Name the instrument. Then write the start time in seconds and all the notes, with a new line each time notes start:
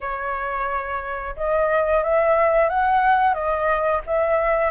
flute
0.00 C#5
1.36 D#5
2.03 E5
2.69 F#5
3.33 D#5
4.06 E5